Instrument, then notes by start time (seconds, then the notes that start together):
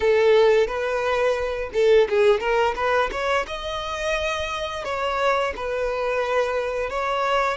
violin
0.00 A4
0.67 B4
1.73 A4
2.09 G#4
2.39 A#4
2.75 B4
3.11 C#5
3.47 D#5
4.84 C#5
5.55 B4
6.90 C#5